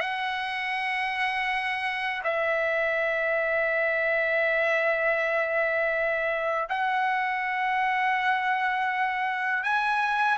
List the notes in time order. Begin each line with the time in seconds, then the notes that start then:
0.00 F#5
2.24 E5
6.69 F#5
9.63 G#5